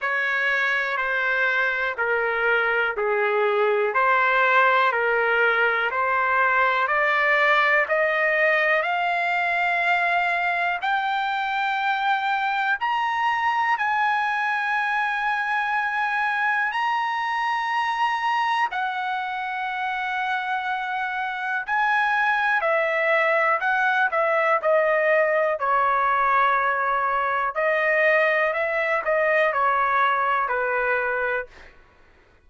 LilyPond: \new Staff \with { instrumentName = "trumpet" } { \time 4/4 \tempo 4 = 61 cis''4 c''4 ais'4 gis'4 | c''4 ais'4 c''4 d''4 | dis''4 f''2 g''4~ | g''4 ais''4 gis''2~ |
gis''4 ais''2 fis''4~ | fis''2 gis''4 e''4 | fis''8 e''8 dis''4 cis''2 | dis''4 e''8 dis''8 cis''4 b'4 | }